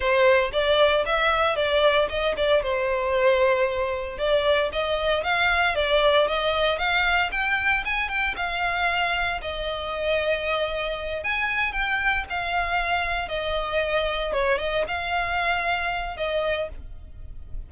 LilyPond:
\new Staff \with { instrumentName = "violin" } { \time 4/4 \tempo 4 = 115 c''4 d''4 e''4 d''4 | dis''8 d''8 c''2. | d''4 dis''4 f''4 d''4 | dis''4 f''4 g''4 gis''8 g''8 |
f''2 dis''2~ | dis''4. gis''4 g''4 f''8~ | f''4. dis''2 cis''8 | dis''8 f''2~ f''8 dis''4 | }